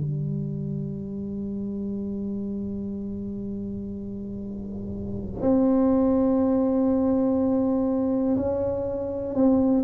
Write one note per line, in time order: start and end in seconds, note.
0.00 5.41 G3
5.41 8.36 C4
8.37 9.34 C#4
9.34 9.84 C4